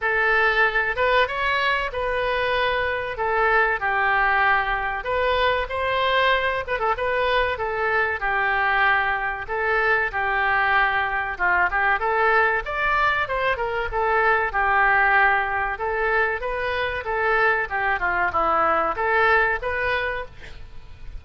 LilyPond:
\new Staff \with { instrumentName = "oboe" } { \time 4/4 \tempo 4 = 95 a'4. b'8 cis''4 b'4~ | b'4 a'4 g'2 | b'4 c''4. b'16 a'16 b'4 | a'4 g'2 a'4 |
g'2 f'8 g'8 a'4 | d''4 c''8 ais'8 a'4 g'4~ | g'4 a'4 b'4 a'4 | g'8 f'8 e'4 a'4 b'4 | }